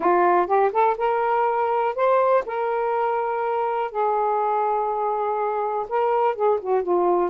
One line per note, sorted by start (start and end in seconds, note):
0.00 0.46 F4
0.46 0.71 G4
0.72 0.96 A4
0.97 1.95 A#4
1.95 2.43 C5
2.45 3.91 A#4
3.91 5.86 G#4
5.88 6.35 A#4
6.35 6.59 G#4
6.60 6.82 F#4
6.82 7.30 F4